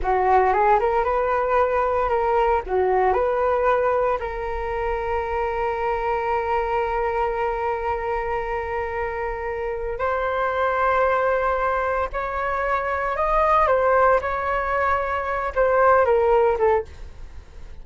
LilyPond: \new Staff \with { instrumentName = "flute" } { \time 4/4 \tempo 4 = 114 fis'4 gis'8 ais'8 b'2 | ais'4 fis'4 b'2 | ais'1~ | ais'1~ |
ais'2. c''4~ | c''2. cis''4~ | cis''4 dis''4 c''4 cis''4~ | cis''4. c''4 ais'4 a'8 | }